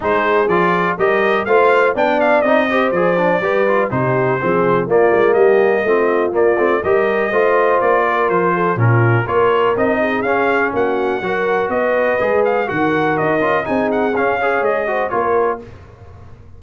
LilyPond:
<<
  \new Staff \with { instrumentName = "trumpet" } { \time 4/4 \tempo 4 = 123 c''4 d''4 dis''4 f''4 | g''8 f''8 dis''4 d''2 | c''2 d''4 dis''4~ | dis''4 d''4 dis''2 |
d''4 c''4 ais'4 cis''4 | dis''4 f''4 fis''2 | dis''4. f''8 fis''4 dis''4 | gis''8 fis''8 f''4 dis''4 cis''4 | }
  \new Staff \with { instrumentName = "horn" } { \time 4/4 gis'2 ais'4 c''4 | d''4. c''4. b'4 | g'4 gis'4 f'4 g'4 | f'2 ais'4 c''4~ |
c''8 ais'4 a'8 f'4 ais'4~ | ais'8 gis'4. fis'4 ais'4 | b'2 ais'2 | gis'4. cis''4 c''8 ais'4 | }
  \new Staff \with { instrumentName = "trombone" } { \time 4/4 dis'4 f'4 g'4 f'4 | d'4 dis'8 g'8 gis'8 d'8 g'8 f'8 | dis'4 c'4 ais2 | c'4 ais8 c'8 g'4 f'4~ |
f'2 cis'4 f'4 | dis'4 cis'2 fis'4~ | fis'4 gis'4 fis'4. f'8 | dis'4 cis'8 gis'4 fis'8 f'4 | }
  \new Staff \with { instrumentName = "tuba" } { \time 4/4 gis4 f4 g4 a4 | b4 c'4 f4 g4 | c4 f4 ais8 gis8 g4 | a4 ais8 a8 g4 a4 |
ais4 f4 ais,4 ais4 | c'4 cis'4 ais4 fis4 | b4 gis4 dis4 dis'8 cis'8 | c'4 cis'4 gis4 ais4 | }
>>